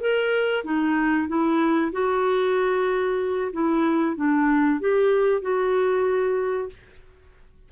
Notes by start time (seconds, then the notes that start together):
0.00 A#4
0.64 D#4
1.28 E4
1.92 F#4
3.53 E4
4.16 D4
4.80 G4
5.42 F#4